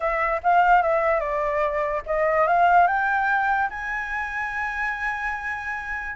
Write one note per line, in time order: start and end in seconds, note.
0.00 0.40 E5
0.43 0.82 F5
0.82 1.20 E5
1.20 2.02 D5
2.05 2.47 D#5
2.47 2.87 F5
2.87 3.69 G5
3.70 6.16 G#5